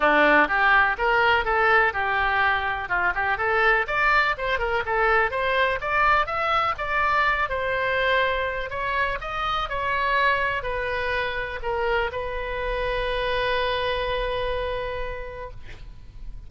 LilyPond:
\new Staff \with { instrumentName = "oboe" } { \time 4/4 \tempo 4 = 124 d'4 g'4 ais'4 a'4 | g'2 f'8 g'8 a'4 | d''4 c''8 ais'8 a'4 c''4 | d''4 e''4 d''4. c''8~ |
c''2 cis''4 dis''4 | cis''2 b'2 | ais'4 b'2.~ | b'1 | }